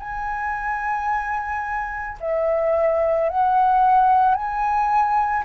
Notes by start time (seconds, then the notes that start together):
0.00 G#5
2.21 E5
3.30 F#5
4.35 G#5